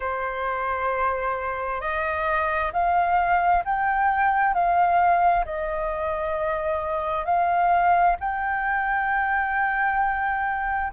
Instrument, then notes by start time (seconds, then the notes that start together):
flute
0.00 C5
1.80 D#5
2.72 F5
3.64 G5
4.53 F5
5.45 D#5
7.25 F5
8.20 G5